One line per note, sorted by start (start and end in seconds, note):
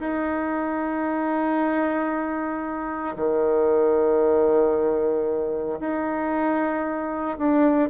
0.00 3.16 D#4
3.16 5.79 D#3
5.80 7.38 D#4
7.38 7.89 D4